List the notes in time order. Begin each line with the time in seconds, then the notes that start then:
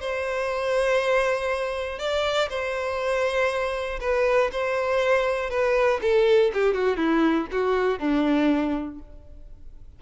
0.00 C5
1.99 D5
2.49 C5
4.00 B4
4.51 C5
5.50 B4
6.01 A4
6.53 G4
6.74 F#4
6.96 E4
7.51 F#4
7.99 D4